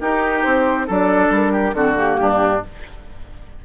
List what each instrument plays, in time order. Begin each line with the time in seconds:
0.00 bassoon D#4, clarinet D#4, oboe G4, flute A#4
0.42 bassoon C4, flute C5
0.86 bassoon F#3, clarinet D4, oboe A4, flute D5
1.29 bassoon G3, flute A#4
1.52 oboe G4
1.73 bassoon D3, clarinet C4, oboe F#4, flute A4
1.94 clarinet A#3, flute G4
2.19 bassoon G2, oboe D4